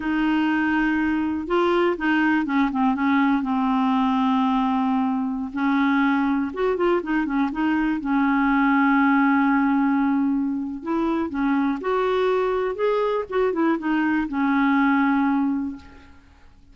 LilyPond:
\new Staff \with { instrumentName = "clarinet" } { \time 4/4 \tempo 4 = 122 dis'2. f'4 | dis'4 cis'8 c'8 cis'4 c'4~ | c'2.~ c'16 cis'8.~ | cis'4~ cis'16 fis'8 f'8 dis'8 cis'8 dis'8.~ |
dis'16 cis'2.~ cis'8.~ | cis'2 e'4 cis'4 | fis'2 gis'4 fis'8 e'8 | dis'4 cis'2. | }